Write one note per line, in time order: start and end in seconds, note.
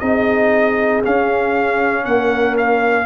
0.00 1.03 C4
0.00 1.03 D#4
0.00 2.04 G#4
0.00 1.02 D#5
1.04 3.06 C#4
1.04 2.06 C#4
1.04 2.05 F5
2.05 3.06 A#3
2.05 3.06 A#4
2.05 2.56 F#5
2.58 3.06 F5